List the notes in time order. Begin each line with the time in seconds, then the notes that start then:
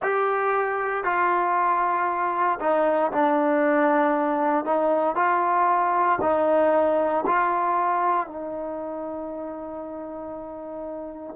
0.02 G4
1.03 F4
2.60 D#4
3.12 D4
4.65 D#4
5.15 F4
6.21 D#4
7.26 F4
8.27 D#4